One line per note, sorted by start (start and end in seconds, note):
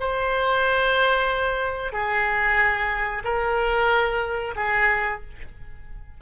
0.00 1.93 C5
1.93 3.23 G#4
3.24 4.55 A#4
4.56 5.21 G#4